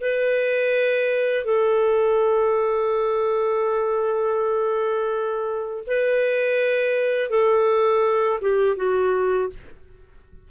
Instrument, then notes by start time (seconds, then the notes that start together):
clarinet
0.00 B4
1.45 A4
5.87 B4
7.30 A4
8.41 G4
8.76 F#4